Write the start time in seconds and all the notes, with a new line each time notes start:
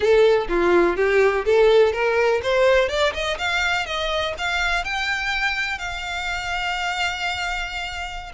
0.00 A4
0.48 F4
0.96 G4
1.45 A4
1.92 A#4
2.42 C5
2.88 D5
3.13 D#5
3.38 F5
3.86 D#5
4.38 F5
4.84 G5
5.78 F5